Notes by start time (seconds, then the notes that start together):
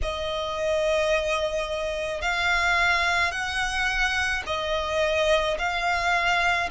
0.02 D#5
2.21 F5
3.31 F#5
4.46 D#5
5.58 F5